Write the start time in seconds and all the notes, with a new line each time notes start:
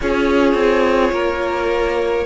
0.00 C#4 F4 G#4 C#5
0.54 C4
1.12 A#3 A#4